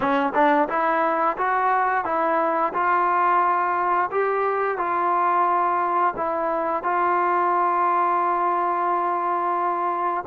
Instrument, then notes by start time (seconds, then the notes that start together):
trombone
0.00 C#4
0.34 D4
0.68 E4
1.37 F#4
2.05 E4
2.73 F4
4.11 G4
4.77 F4
6.16 E4
6.83 F4